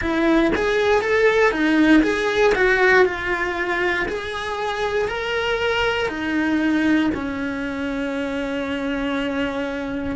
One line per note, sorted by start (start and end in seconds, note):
0.01 0.52 E4
0.55 1.01 G#4
1.01 1.51 A4
1.51 2.02 D#4
2.02 2.53 G#4
2.54 3.05 F#4
3.05 4.06 F4
4.08 5.08 G#4
5.08 6.08 A#4
6.08 7.10 D#4
7.14 10.16 C#4